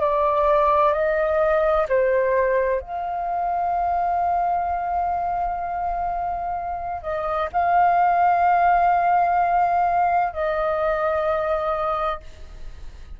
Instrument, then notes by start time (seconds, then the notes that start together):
flute
0.00 D5
0.93 D#5
1.88 C5
2.80 F5
7.02 D#5
7.53 F5
10.33 D#5